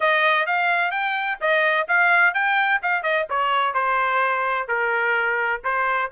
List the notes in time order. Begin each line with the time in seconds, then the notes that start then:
0.00 D#5
0.46 F5
0.91 G5
1.40 D#5
1.87 F5
2.34 G5
2.82 F5
3.02 D#5
3.29 C#5
3.74 C5
4.67 A#4
5.64 C5